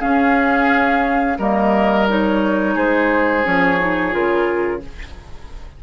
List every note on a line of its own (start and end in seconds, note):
0.00 1.38 C#4
0.00 1.39 C#4
0.00 1.39 G#4
0.00 1.39 F5
1.39 2.76 G3
1.39 2.08 A#3
1.39 2.75 A#4
1.39 2.09 D#5
2.08 3.44 D#4
2.08 2.78 C#5
2.75 3.45 G#3
2.75 4.82 G#4
2.75 3.47 C5
3.44 4.15 F3
3.44 3.78 C#4
3.44 4.14 C#5
3.80 4.11 D#4
4.11 4.83 C#3
4.11 4.80 F4
4.11 4.83 A#4